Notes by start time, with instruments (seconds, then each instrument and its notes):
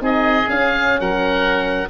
0.00 tuba C4, horn D#4, oboe G#4 D#5
0.47 horn C#4, tuba C#4, oboe F5
1.00 tuba F#3, oboe A#4 F#5